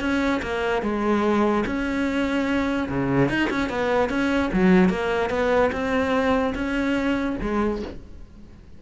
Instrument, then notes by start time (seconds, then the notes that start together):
cello
0.00 C#4
0.42 A#3
0.82 G#3
1.66 C#4
2.89 C#3
3.29 D#4
3.50 C#4
3.69 B3
4.09 C#4
4.53 F#3
4.89 A#3
5.30 B3
5.72 C4
6.55 C#4
7.42 G#3